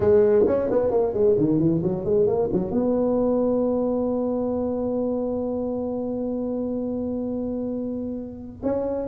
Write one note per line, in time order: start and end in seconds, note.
0.00 0.45 G#3
0.47 0.70 C#4
0.70 0.90 B3
0.90 1.13 A#3
1.13 1.36 G#3
1.38 1.59 D#3
1.59 1.82 E3
1.83 2.04 F#3
2.04 2.26 G#3
2.26 2.49 A#3
2.52 2.70 F#3
2.70 8.61 B3
8.63 9.08 C#4